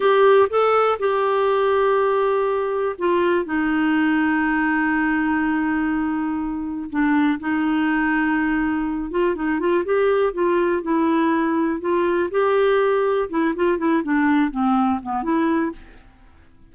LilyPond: \new Staff \with { instrumentName = "clarinet" } { \time 4/4 \tempo 4 = 122 g'4 a'4 g'2~ | g'2 f'4 dis'4~ | dis'1~ | dis'2 d'4 dis'4~ |
dis'2~ dis'8 f'8 dis'8 f'8 | g'4 f'4 e'2 | f'4 g'2 e'8 f'8 | e'8 d'4 c'4 b8 e'4 | }